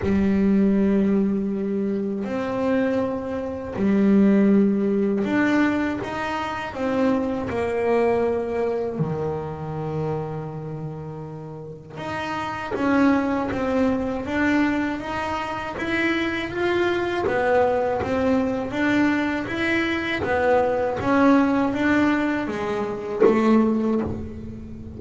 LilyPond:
\new Staff \with { instrumentName = "double bass" } { \time 4/4 \tempo 4 = 80 g2. c'4~ | c'4 g2 d'4 | dis'4 c'4 ais2 | dis1 |
dis'4 cis'4 c'4 d'4 | dis'4 e'4 f'4 b4 | c'4 d'4 e'4 b4 | cis'4 d'4 gis4 a4 | }